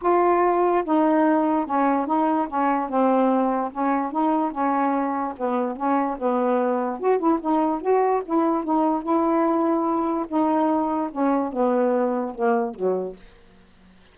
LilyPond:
\new Staff \with { instrumentName = "saxophone" } { \time 4/4 \tempo 4 = 146 f'2 dis'2 | cis'4 dis'4 cis'4 c'4~ | c'4 cis'4 dis'4 cis'4~ | cis'4 b4 cis'4 b4~ |
b4 fis'8 e'8 dis'4 fis'4 | e'4 dis'4 e'2~ | e'4 dis'2 cis'4 | b2 ais4 fis4 | }